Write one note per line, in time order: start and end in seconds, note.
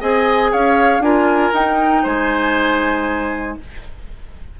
0.00 0.52 C4
0.00 1.02 G#4
0.00 0.51 D#5
0.00 0.53 G#5
0.51 0.99 C#4
0.51 1.02 C#5
0.51 1.02 F5
0.99 1.50 D4
0.99 1.53 F4
0.99 2.03 A#4
0.99 1.53 G#5
1.53 2.03 D#4
1.53 3.59 D#4
1.53 2.06 G5
2.03 3.58 G#3
2.03 3.55 C5
2.03 3.58 G#5